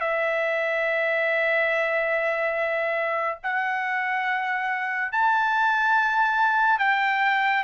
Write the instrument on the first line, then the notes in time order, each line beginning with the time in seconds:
trumpet
0.00 E5
3.43 F#5
5.12 A5
6.79 G5